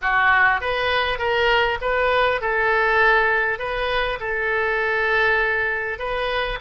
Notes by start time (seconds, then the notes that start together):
0.01 F#4
0.61 B4
1.18 A#4
1.81 B4
2.41 A4
3.58 B4
4.20 A4
5.98 B4